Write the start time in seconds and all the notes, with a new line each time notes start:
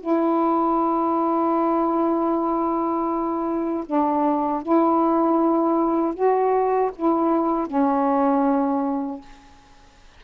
0.00 E4
3.86 D4
4.63 E4
6.14 F#4
6.96 E4
7.67 C#4